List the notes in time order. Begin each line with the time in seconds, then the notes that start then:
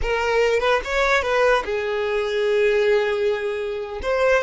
0.02 A#4
0.60 B4
0.84 C#5
1.22 B4
1.64 G#4
4.02 C5